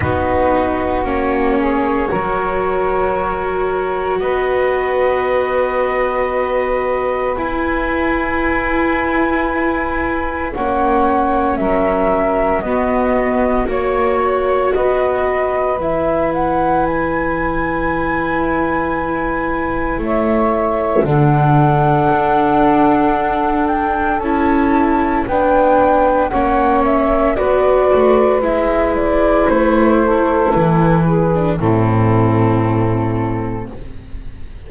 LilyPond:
<<
  \new Staff \with { instrumentName = "flute" } { \time 4/4 \tempo 4 = 57 b'4 cis''2. | dis''2. gis''4~ | gis''2 fis''4 e''4 | dis''4 cis''4 dis''4 e''8 fis''8 |
gis''2. e''4 | fis''2~ fis''8 g''8 a''4 | g''4 fis''8 e''8 d''4 e''8 d''8 | c''4 b'4 a'2 | }
  \new Staff \with { instrumentName = "saxophone" } { \time 4/4 fis'4. gis'8 ais'2 | b'1~ | b'2 cis''4 ais'4 | fis'4 cis''4 b'2~ |
b'2. cis''4 | a'1 | b'4 cis''4 b'2~ | b'8 a'4 gis'8 e'2 | }
  \new Staff \with { instrumentName = "viola" } { \time 4/4 dis'4 cis'4 fis'2~ | fis'2. e'4~ | e'2 cis'2 | b4 fis'2 e'4~ |
e'1 | d'2. e'4 | d'4 cis'4 fis'4 e'4~ | e'4.~ e'16 d'16 c'2 | }
  \new Staff \with { instrumentName = "double bass" } { \time 4/4 b4 ais4 fis2 | b2. e'4~ | e'2 ais4 fis4 | b4 ais4 b4 e4~ |
e2. a4 | d4 d'2 cis'4 | b4 ais4 b8 a8 gis4 | a4 e4 a,2 | }
>>